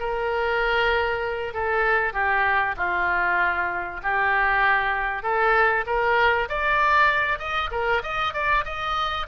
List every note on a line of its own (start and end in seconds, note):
0.00 1.54 A#4
1.54 2.13 A4
2.13 2.75 G4
2.77 4.01 F4
4.03 5.23 G4
5.23 5.85 A4
5.87 6.49 A#4
6.49 7.39 D5
7.39 7.70 D#5
7.72 8.02 A#4
8.03 8.34 D#5
8.34 8.65 D5
8.65 9.27 D#5